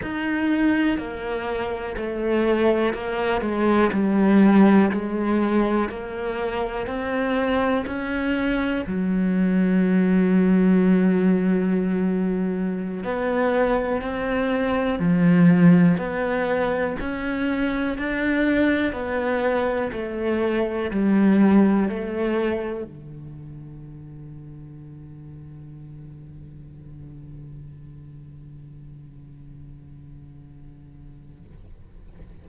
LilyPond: \new Staff \with { instrumentName = "cello" } { \time 4/4 \tempo 4 = 61 dis'4 ais4 a4 ais8 gis8 | g4 gis4 ais4 c'4 | cis'4 fis2.~ | fis4~ fis16 b4 c'4 f8.~ |
f16 b4 cis'4 d'4 b8.~ | b16 a4 g4 a4 d8.~ | d1~ | d1 | }